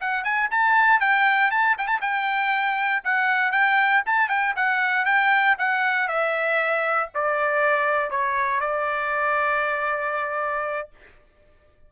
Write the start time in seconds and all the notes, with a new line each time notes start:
0.00 F#5
0.24 G#5
0.50 A5
1.00 G5
1.50 A5
1.78 G5
1.87 A5
2.01 G5
3.04 F#5
3.51 G5
4.06 A5
4.29 G5
4.56 F#5
5.05 G5
5.58 F#5
6.08 E5
7.14 D5
8.10 C#5
8.60 D5